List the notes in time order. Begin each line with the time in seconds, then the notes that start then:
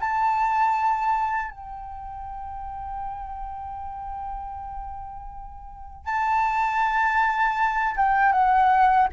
0.00 A5
1.51 G5
6.05 A5
7.96 G5
8.32 F#5